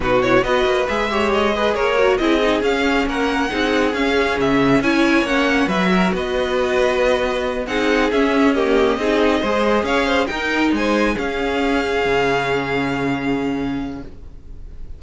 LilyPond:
<<
  \new Staff \with { instrumentName = "violin" } { \time 4/4 \tempo 4 = 137 b'8 cis''8 dis''4 e''4 dis''4 | cis''4 dis''4 f''4 fis''4~ | fis''4 f''4 e''4 gis''4 | fis''4 e''4 dis''2~ |
dis''4. fis''4 e''4 dis''8~ | dis''2~ dis''8 f''4 g''8~ | g''8 gis''4 f''2~ f''8~ | f''1 | }
  \new Staff \with { instrumentName = "violin" } { \time 4/4 fis'4 b'4. cis''4 b'8 | ais'4 gis'2 ais'4 | gis'2. cis''4~ | cis''4 b'8 ais'8 b'2~ |
b'4. gis'2 g'8~ | g'8 gis'4 c''4 cis''8 c''8 ais'8~ | ais'8 c''4 gis'2~ gis'8~ | gis'1 | }
  \new Staff \with { instrumentName = "viola" } { \time 4/4 dis'8 e'8 fis'4 gis'8 g'4 gis'8~ | gis'8 fis'8 e'8 dis'8 cis'2 | dis'4 cis'2 e'4 | cis'4 fis'2.~ |
fis'4. dis'4 cis'4 ais8~ | ais8 dis'4 gis'2 dis'8~ | dis'4. cis'2~ cis'8~ | cis'1 | }
  \new Staff \with { instrumentName = "cello" } { \time 4/4 b,4 b8 ais8 gis2 | ais4 c'4 cis'4 ais4 | c'4 cis'4 cis4 cis'4 | ais4 fis4 b2~ |
b4. c'4 cis'4.~ | cis'8 c'4 gis4 cis'4 dis'8~ | dis'8 gis4 cis'2 cis8~ | cis1 | }
>>